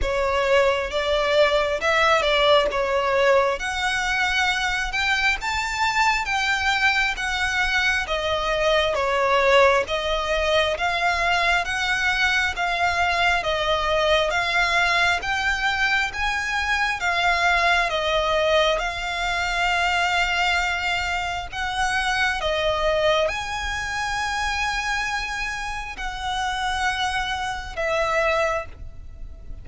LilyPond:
\new Staff \with { instrumentName = "violin" } { \time 4/4 \tempo 4 = 67 cis''4 d''4 e''8 d''8 cis''4 | fis''4. g''8 a''4 g''4 | fis''4 dis''4 cis''4 dis''4 | f''4 fis''4 f''4 dis''4 |
f''4 g''4 gis''4 f''4 | dis''4 f''2. | fis''4 dis''4 gis''2~ | gis''4 fis''2 e''4 | }